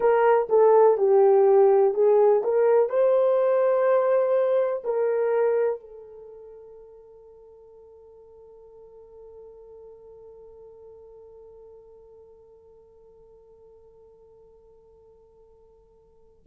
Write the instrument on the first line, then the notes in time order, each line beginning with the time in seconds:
horn
0.00 A#4
0.49 A4
0.97 G4
1.94 G#4
2.43 A#4
2.89 C5
4.83 A#4
5.80 A4